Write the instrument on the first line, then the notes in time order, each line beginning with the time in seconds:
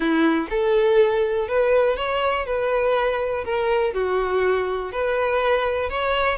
violin
0.00 E4
0.50 A4
1.48 B4
1.96 C#5
2.45 B4
3.44 A#4
3.93 F#4
4.92 B4
5.89 C#5